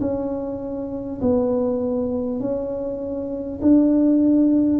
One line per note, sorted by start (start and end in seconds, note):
0.00 1.20 C#4
1.21 2.39 B3
2.39 3.59 C#4
3.61 4.79 D4